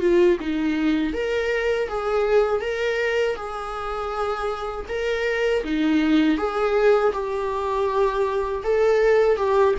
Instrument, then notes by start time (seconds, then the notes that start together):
viola
0.00 F4
0.40 D#4
1.13 A#4
1.88 G#4
2.61 A#4
3.36 G#4
4.88 A#4
5.64 D#4
6.37 G#4
7.13 G4
8.64 A4
9.36 G4